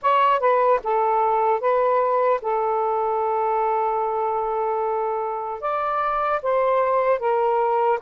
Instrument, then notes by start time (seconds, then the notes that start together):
saxophone
0.01 C#5
0.40 B4
0.83 A4
1.60 B4
2.41 A4
5.60 D5
6.42 C5
7.19 A#4